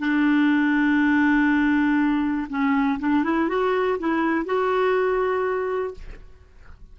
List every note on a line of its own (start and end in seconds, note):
0.00 2.48 D4
2.50 2.99 C#4
3.00 3.24 D4
3.24 3.49 E4
3.49 3.98 F#4
4.00 4.46 E4
4.46 5.95 F#4